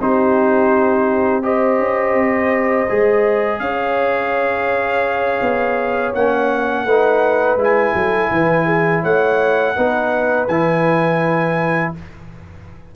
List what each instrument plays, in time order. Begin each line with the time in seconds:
0.00 tuba C4, trombone D#4, horn G4, trumpet C5
1.42 trombone G4, horn C5, trumpet D#5
1.79 tuba C#4
2.14 tuba C4
2.89 tuba G#3, trombone G#4
3.59 tuba C#4, horn C#5, trumpet F5
5.41 tuba B3
6.14 tuba A#3, trombone C#4, trumpet F#5
6.84 tuba A3, trombone D#4, horn B4
7.56 tuba G#3, trombone E4
7.63 trumpet G#5
7.94 tuba F#3, horn A4
8.31 tuba E3, horn B4
8.65 horn G#4
9.02 tuba A3, horn C#5, trumpet F#5
9.75 tuba B3, trombone D#4, horn B4
10.47 tuba E3, trombone E4, trumpet G#5